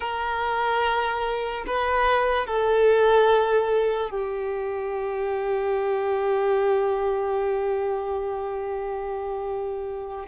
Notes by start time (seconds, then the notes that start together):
0.00 A#4
1.66 B4
2.46 A4
4.10 G4